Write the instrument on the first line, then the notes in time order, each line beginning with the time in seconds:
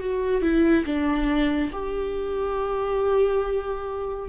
viola
0.00 F#4
0.41 E4
0.85 D4
1.72 G4